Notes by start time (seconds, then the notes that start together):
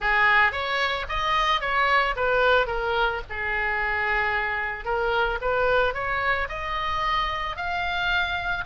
0.00 G#4
0.52 C#5
1.08 D#5
1.61 C#5
2.16 B4
2.67 A#4
3.29 G#4
4.84 A#4
5.41 B4
5.94 C#5
6.48 D#5
7.56 F5